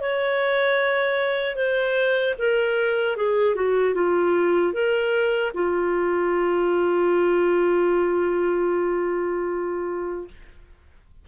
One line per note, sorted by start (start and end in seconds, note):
0.00 1.55 C#5
1.55 2.34 C5
2.38 3.16 A#4
3.16 3.55 G#4
3.55 3.94 F#4
3.94 4.73 F4
4.73 5.52 A#4
5.53 10.27 F4